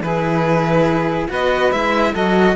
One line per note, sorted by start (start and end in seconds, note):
0.00 1.27 E3
0.00 1.29 E4
0.00 1.29 G#4
0.00 1.28 B4
1.29 1.72 B3
1.29 1.71 F#4
1.29 2.12 B4
1.29 1.72 D#5
1.71 2.14 G#3
1.71 2.14 E4
1.71 2.14 E5
2.12 2.56 F#3
2.12 2.56 F#4
2.12 2.54 A4
2.12 2.56 D#5